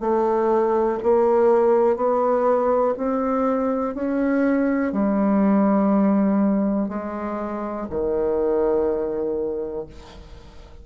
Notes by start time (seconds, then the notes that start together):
0.00 A3
1.03 A#3
1.96 B3
2.97 C4
3.95 C#4
4.92 G3
6.89 G#3
7.90 D#3